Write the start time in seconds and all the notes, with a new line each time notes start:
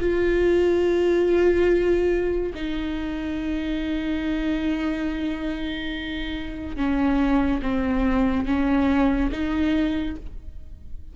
0.00 F4
2.55 D#4
6.77 C#4
7.62 C4
8.46 C#4
9.32 D#4